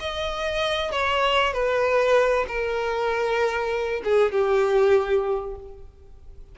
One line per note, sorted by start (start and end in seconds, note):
0.00 0.91 D#5
0.91 1.53 C#5
1.53 2.46 B4
2.47 4.02 A#4
4.04 4.32 G#4
4.32 5.55 G4